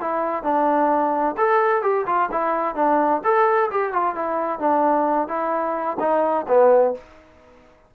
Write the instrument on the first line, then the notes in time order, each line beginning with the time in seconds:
trombone
0.00 E4
0.43 D4
1.37 A4
1.82 G4
2.06 F4
2.31 E4
2.75 D4
3.23 A4
3.70 G4
3.93 F4
4.15 E4
4.59 D4
5.28 E4
6.00 D#4
6.48 B3